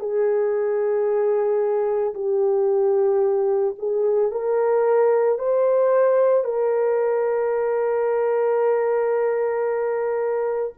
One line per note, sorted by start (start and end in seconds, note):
0.00 2.14 G#4
2.15 3.75 G4
3.79 4.31 G#4
4.31 5.39 A#4
5.39 6.45 C5
6.45 10.73 A#4